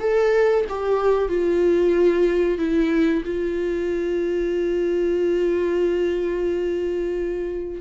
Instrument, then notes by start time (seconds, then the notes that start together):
viola
0.00 A4
0.69 G4
1.29 F4
2.58 E4
3.25 F4